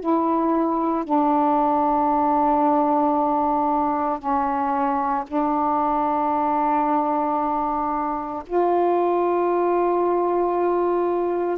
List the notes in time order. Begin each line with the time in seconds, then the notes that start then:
0.00 E4
1.04 D4
4.19 C#4
5.27 D4
8.46 F4